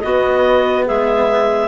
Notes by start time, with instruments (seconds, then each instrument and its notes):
0.00 cello B3, bassoon B3, clarinet F#4 D#5
0.85 bassoon G#3, clarinet G#4 E5